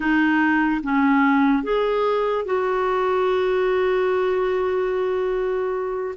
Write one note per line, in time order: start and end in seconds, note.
0.00 0.81 D#4
0.83 1.63 C#4
1.63 2.45 G#4
2.45 6.15 F#4